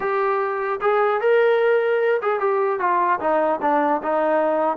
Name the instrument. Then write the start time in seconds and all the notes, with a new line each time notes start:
trombone
0.00 G4
0.81 G#4
1.21 A#4
2.22 G#4
2.40 G4
2.79 F4
3.19 D#4
3.61 D4
4.02 D#4